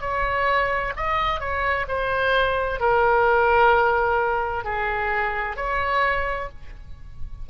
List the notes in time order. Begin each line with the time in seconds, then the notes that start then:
0.00 C#5
0.96 D#5
1.40 C#5
1.88 C5
2.79 A#4
4.64 G#4
5.56 C#5